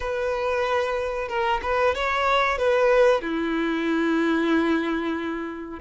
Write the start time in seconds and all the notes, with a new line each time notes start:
0.00 B4
1.28 A#4
1.62 B4
1.94 C#5
2.58 B4
3.21 E4